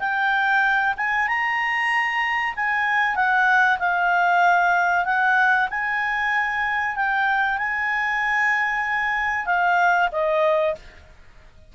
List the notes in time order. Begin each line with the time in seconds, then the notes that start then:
0.00 G5
0.97 G#5
1.28 A#5
2.56 G#5
3.16 F#5
3.79 F5
5.06 F#5
5.71 G#5
6.96 G5
7.58 G#5
9.46 F5
10.12 D#5